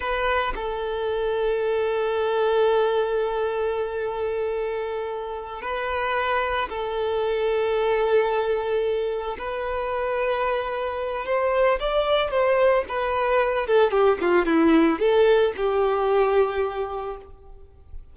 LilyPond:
\new Staff \with { instrumentName = "violin" } { \time 4/4 \tempo 4 = 112 b'4 a'2.~ | a'1~ | a'2~ a'8 b'4.~ | b'8 a'2.~ a'8~ |
a'4. b'2~ b'8~ | b'4 c''4 d''4 c''4 | b'4. a'8 g'8 f'8 e'4 | a'4 g'2. | }